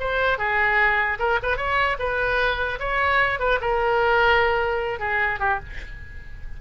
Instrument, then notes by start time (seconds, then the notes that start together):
oboe
0.00 C5
0.39 G#4
1.19 A#4
1.43 B4
1.57 C#5
2.00 B4
2.80 C#5
3.40 B4
3.62 A#4
5.00 G#4
5.40 G4